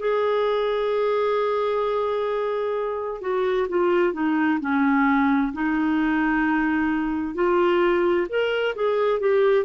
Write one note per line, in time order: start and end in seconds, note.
0.00 3.21 G#4
3.21 3.68 F#4
3.69 4.13 F4
4.13 4.59 D#4
4.61 5.53 C#4
5.53 7.35 D#4
7.35 8.27 F4
8.30 8.76 A#4
8.76 9.21 G#4
9.21 9.65 G4